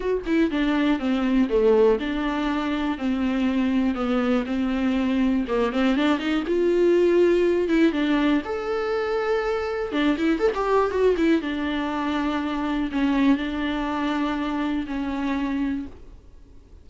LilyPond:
\new Staff \with { instrumentName = "viola" } { \time 4/4 \tempo 4 = 121 fis'8 e'8 d'4 c'4 a4 | d'2 c'2 | b4 c'2 ais8 c'8 | d'8 dis'8 f'2~ f'8 e'8 |
d'4 a'2. | d'8 e'8 a'16 g'8. fis'8 e'8 d'4~ | d'2 cis'4 d'4~ | d'2 cis'2 | }